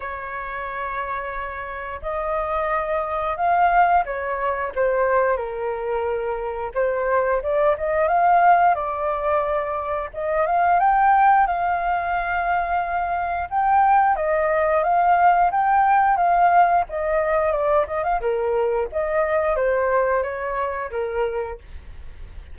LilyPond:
\new Staff \with { instrumentName = "flute" } { \time 4/4 \tempo 4 = 89 cis''2. dis''4~ | dis''4 f''4 cis''4 c''4 | ais'2 c''4 d''8 dis''8 | f''4 d''2 dis''8 f''8 |
g''4 f''2. | g''4 dis''4 f''4 g''4 | f''4 dis''4 d''8 dis''16 f''16 ais'4 | dis''4 c''4 cis''4 ais'4 | }